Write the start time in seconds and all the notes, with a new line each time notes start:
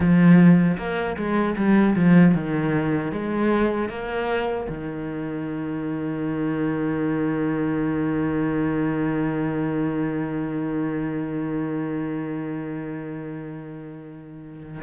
0.00 F3
0.77 A#3
1.17 G#3
1.56 G3
1.95 F3
2.34 D#3
3.12 G#3
3.89 A#3
4.68 D#3